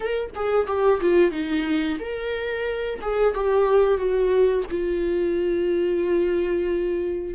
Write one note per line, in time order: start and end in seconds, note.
0.00 0.30 A#4
0.35 0.67 G#4
0.67 1.00 G4
1.00 1.31 F4
1.31 1.98 D#4
1.99 2.99 A#4
3.01 3.34 G#4
3.34 3.97 G4
3.97 4.64 F#4
4.70 7.34 F4